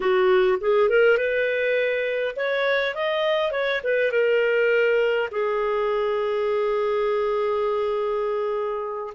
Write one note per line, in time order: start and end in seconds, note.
0.00 0.59 F#4
0.60 0.89 G#4
0.89 1.17 A#4
1.17 2.35 B4
2.35 2.94 C#5
2.94 3.51 D#5
3.51 3.81 C#5
3.83 4.11 B4
4.11 5.29 A#4
5.31 9.13 G#4